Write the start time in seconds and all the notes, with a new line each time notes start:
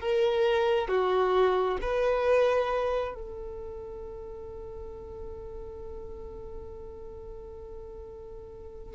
0.00 A#4
0.88 F#4
1.81 B4
3.14 A4